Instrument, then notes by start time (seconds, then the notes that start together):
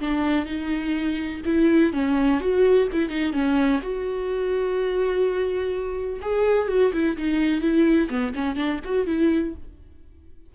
viola
0.00 D4
0.46 D#4
1.45 E4
1.93 C#4
2.40 F#4
2.92 E4
3.09 D#4
3.33 C#4
3.82 F#4
6.22 G#4
6.68 F#4
6.93 E4
7.17 D#4
7.61 E4
8.10 B3
8.35 C#4
8.56 D4
8.84 F#4
9.06 E4